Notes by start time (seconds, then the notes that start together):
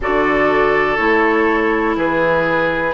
0.00 D3 F#4 A4 D5
0.96 A3 E4 C#5
1.96 E3 G#4 B4